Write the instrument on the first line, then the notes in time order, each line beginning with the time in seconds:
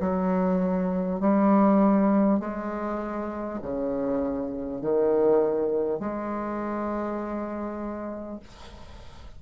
bassoon
0.00 F#3
1.20 G3
2.39 G#3
3.62 C#3
4.81 D#3
5.99 G#3